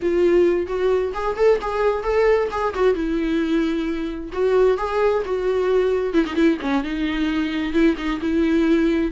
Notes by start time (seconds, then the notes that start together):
0.01 F4
0.67 F#4
1.13 G#4
1.36 A4
1.61 G#4
2.03 A4
2.51 G#4
2.74 F#4
2.94 E4
4.32 F#4
4.77 G#4
5.25 F#4
6.13 E4
6.26 D#4
6.35 E4
6.61 C#4
6.83 D#4
7.73 E4
7.97 D#4
8.20 E4